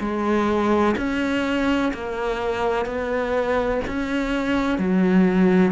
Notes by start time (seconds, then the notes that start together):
0.00 G#3
0.97 C#4
1.94 A#3
2.85 B3
3.87 C#4
4.78 F#3